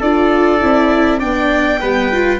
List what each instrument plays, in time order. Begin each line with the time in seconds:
0.00 tuba D4, viola F4, trumpet A4, violin D5
0.60 tuba C4, viola E4
1.19 tuba B3, viola D4, trumpet D5, violin G5
1.80 tuba G3, viola B3, trumpet B4
2.12 viola F4